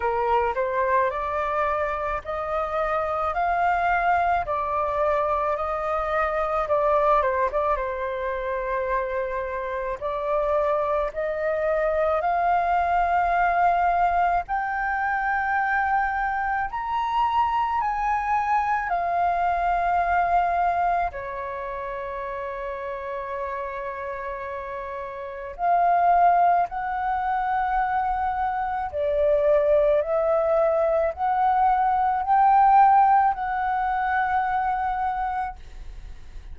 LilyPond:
\new Staff \with { instrumentName = "flute" } { \time 4/4 \tempo 4 = 54 ais'8 c''8 d''4 dis''4 f''4 | d''4 dis''4 d''8 c''16 d''16 c''4~ | c''4 d''4 dis''4 f''4~ | f''4 g''2 ais''4 |
gis''4 f''2 cis''4~ | cis''2. f''4 | fis''2 d''4 e''4 | fis''4 g''4 fis''2 | }